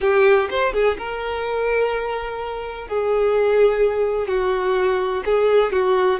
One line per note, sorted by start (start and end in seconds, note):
0.01 0.48 G4
0.50 0.73 C5
0.73 0.97 G#4
0.98 2.88 A#4
2.88 4.27 G#4
4.27 5.23 F#4
5.25 5.72 G#4
5.72 6.19 F#4